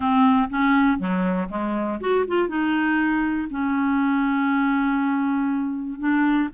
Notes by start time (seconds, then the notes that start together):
0.00 C4
0.50 C#4
0.98 F#3
1.49 G#3
2.00 F#4
2.27 F4
2.48 D#4
3.50 C#4
5.99 D4